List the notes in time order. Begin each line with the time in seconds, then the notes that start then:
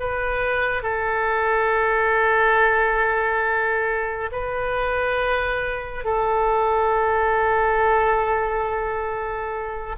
0.00 B4
0.83 A4
4.32 B4
6.05 A4